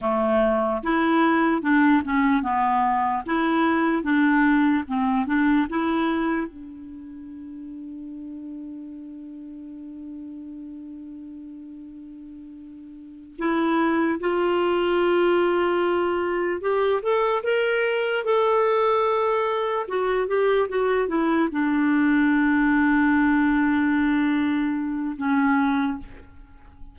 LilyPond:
\new Staff \with { instrumentName = "clarinet" } { \time 4/4 \tempo 4 = 74 a4 e'4 d'8 cis'8 b4 | e'4 d'4 c'8 d'8 e'4 | d'1~ | d'1~ |
d'8 e'4 f'2~ f'8~ | f'8 g'8 a'8 ais'4 a'4.~ | a'8 fis'8 g'8 fis'8 e'8 d'4.~ | d'2. cis'4 | }